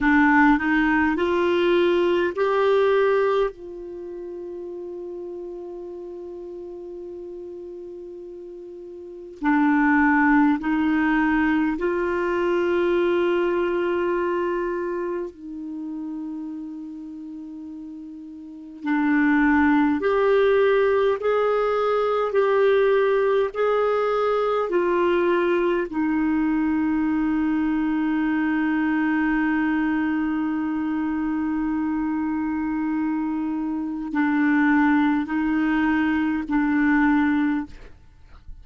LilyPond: \new Staff \with { instrumentName = "clarinet" } { \time 4/4 \tempo 4 = 51 d'8 dis'8 f'4 g'4 f'4~ | f'1 | d'4 dis'4 f'2~ | f'4 dis'2. |
d'4 g'4 gis'4 g'4 | gis'4 f'4 dis'2~ | dis'1~ | dis'4 d'4 dis'4 d'4 | }